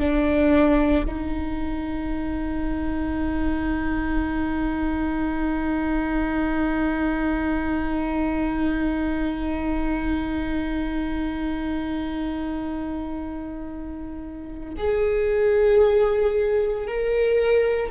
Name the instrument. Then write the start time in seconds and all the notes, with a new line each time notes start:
viola
0.00 D4
1.06 D#4
14.77 G#4
16.87 A#4